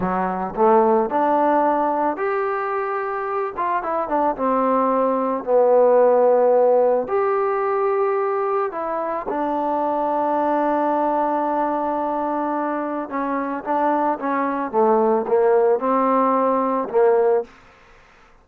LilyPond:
\new Staff \with { instrumentName = "trombone" } { \time 4/4 \tempo 4 = 110 fis4 a4 d'2 | g'2~ g'8 f'8 e'8 d'8 | c'2 b2~ | b4 g'2. |
e'4 d'2.~ | d'1 | cis'4 d'4 cis'4 a4 | ais4 c'2 ais4 | }